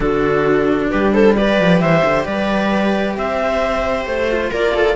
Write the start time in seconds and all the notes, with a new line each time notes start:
0.00 D3 D4 F#4 A4
0.89 G3 G4 B4
1.13 A4 C5
1.35 G4 B4 D5
1.59 F3
1.80 E3 C5 E5
2.03 D3
2.24 G3 B4 D5
3.16 C4 C5 E5
4.05 A3 C5
4.30 F4
4.51 A#3 A#4 D5
4.74 A4